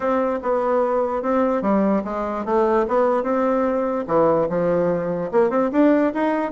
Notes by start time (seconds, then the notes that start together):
0.00 C4
0.42 B3
1.22 C4
1.62 G3
2.04 G#3
2.45 A3
2.88 B3
3.23 C4
4.07 E3
4.49 F3
5.31 A#3
5.50 C4
5.72 D4
6.14 D#4